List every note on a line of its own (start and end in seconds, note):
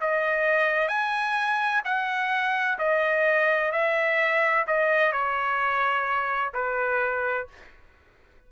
0.00 0.88 D#5
0.88 1.82 G#5
1.84 2.78 F#5
2.78 3.72 D#5
3.72 4.65 E5
4.67 5.12 D#5
5.12 6.52 C#5
6.53 7.47 B4